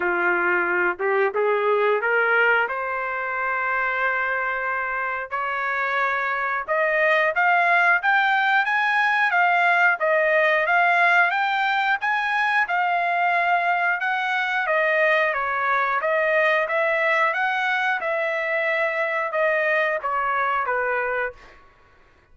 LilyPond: \new Staff \with { instrumentName = "trumpet" } { \time 4/4 \tempo 4 = 90 f'4. g'8 gis'4 ais'4 | c''1 | cis''2 dis''4 f''4 | g''4 gis''4 f''4 dis''4 |
f''4 g''4 gis''4 f''4~ | f''4 fis''4 dis''4 cis''4 | dis''4 e''4 fis''4 e''4~ | e''4 dis''4 cis''4 b'4 | }